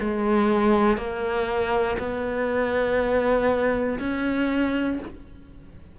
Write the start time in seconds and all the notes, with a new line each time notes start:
0.00 G#3
0.98 A#3
1.99 B3
4.00 C#4